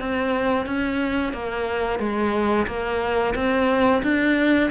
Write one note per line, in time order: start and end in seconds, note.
0.00 0.66 C4
0.66 1.33 C#4
1.33 1.99 A#3
1.99 2.67 G#3
2.67 3.35 A#3
3.35 4.03 C4
4.03 4.71 D4